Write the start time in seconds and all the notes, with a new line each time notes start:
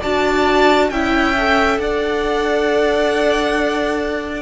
0.00 D4 F#4 D5 A5
0.90 C#4 E4 E5 G5
1.37 A4
1.78 D4 D5 F#5